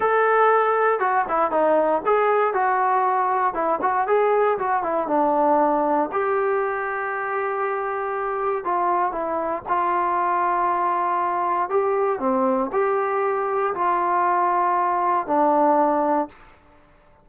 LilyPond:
\new Staff \with { instrumentName = "trombone" } { \time 4/4 \tempo 4 = 118 a'2 fis'8 e'8 dis'4 | gis'4 fis'2 e'8 fis'8 | gis'4 fis'8 e'8 d'2 | g'1~ |
g'4 f'4 e'4 f'4~ | f'2. g'4 | c'4 g'2 f'4~ | f'2 d'2 | }